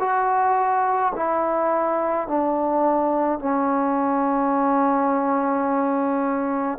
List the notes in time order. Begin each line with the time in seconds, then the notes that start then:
0.00 F#4
1.16 E4
2.28 D4
3.40 C#4